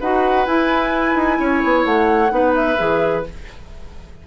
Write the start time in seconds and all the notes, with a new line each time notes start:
0.00 D#4 F#4 B4 F#5
0.46 E4 G#5
1.15 D#4
1.40 C#4 C#5
1.64 B3
1.85 A3 F#5
2.29 B3 D#4 B4
2.55 E5
2.78 E3 G#4